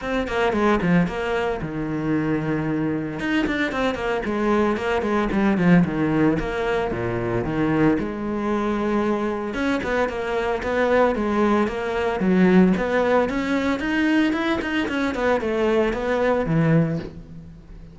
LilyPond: \new Staff \with { instrumentName = "cello" } { \time 4/4 \tempo 4 = 113 c'8 ais8 gis8 f8 ais4 dis4~ | dis2 dis'8 d'8 c'8 ais8 | gis4 ais8 gis8 g8 f8 dis4 | ais4 ais,4 dis4 gis4~ |
gis2 cis'8 b8 ais4 | b4 gis4 ais4 fis4 | b4 cis'4 dis'4 e'8 dis'8 | cis'8 b8 a4 b4 e4 | }